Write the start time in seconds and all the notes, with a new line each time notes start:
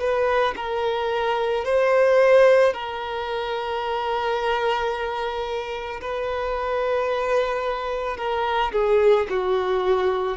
0.00 B4
0.57 A#4
1.65 C5
2.74 A#4
6.01 B4
8.18 A#4
8.73 G#4
9.30 F#4